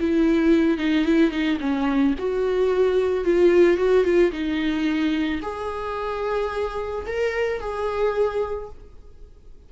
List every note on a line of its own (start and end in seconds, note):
0.00 0.78 E4
0.78 1.05 D#4
1.05 1.31 E4
1.31 1.58 D#4
1.60 2.14 C#4
2.18 3.24 F#4
3.24 3.77 F4
3.77 4.04 F#4
4.04 4.31 F4
4.31 5.40 D#4
5.42 7.06 G#4
7.06 7.60 A#4
7.60 8.69 G#4